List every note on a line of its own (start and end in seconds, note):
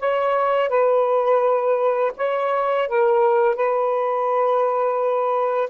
0.00 0.69 C#5
0.69 2.12 B4
2.18 2.88 C#5
2.88 3.56 A#4
3.56 5.70 B4